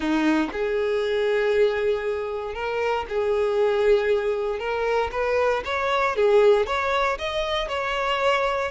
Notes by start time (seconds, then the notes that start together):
0.00 D#4
0.52 G#4
2.54 A#4
3.09 G#4
4.59 A#4
5.11 B4
5.64 C#5
6.16 G#4
6.66 C#5
7.18 D#5
7.68 C#5